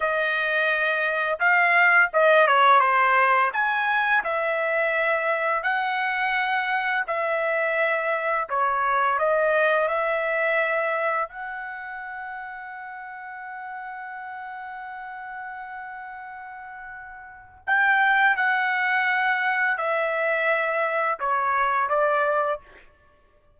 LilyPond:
\new Staff \with { instrumentName = "trumpet" } { \time 4/4 \tempo 4 = 85 dis''2 f''4 dis''8 cis''8 | c''4 gis''4 e''2 | fis''2 e''2 | cis''4 dis''4 e''2 |
fis''1~ | fis''1~ | fis''4 g''4 fis''2 | e''2 cis''4 d''4 | }